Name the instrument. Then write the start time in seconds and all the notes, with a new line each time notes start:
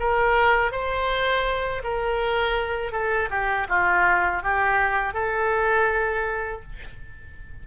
oboe
0.00 A#4
0.72 C5
1.84 A#4
2.92 A4
3.30 G4
3.69 F4
4.43 G4
5.14 A4